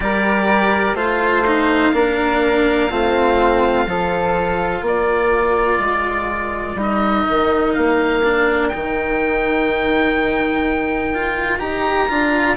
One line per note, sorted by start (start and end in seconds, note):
0.00 0.94 G3
0.00 0.96 G4
0.00 0.95 A#4
0.00 0.97 D5
0.94 1.91 A3
0.94 1.44 F4
0.94 1.92 C5
0.94 4.84 F5
1.46 1.93 D#4
1.93 2.90 A#3
1.93 2.90 D4
1.93 2.90 A#4
2.90 3.86 A3
2.90 3.87 C4
2.90 3.87 F4
3.86 4.81 F3
3.86 6.77 F4
3.86 4.81 A4
4.81 5.78 A#3
4.81 12.55 A#4
4.81 6.80 D5
5.79 6.75 G#3
6.75 7.23 G3
6.75 8.22 D#4
6.81 7.73 D#5
7.29 7.76 D#3
7.73 8.73 A#3
7.73 8.68 F5
8.23 8.72 D4
8.68 11.14 D#4
8.68 11.58 G5
8.74 11.60 D#3
11.14 11.59 F4
11.59 12.08 D#4
11.59 12.07 G4
11.59 12.56 A#5
12.08 12.57 D4
12.08 12.56 F4